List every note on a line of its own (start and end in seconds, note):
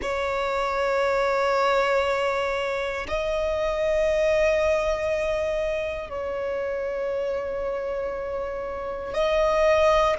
0.01 3.06 C#5
3.07 6.09 D#5
6.09 9.14 C#5
9.14 10.16 D#5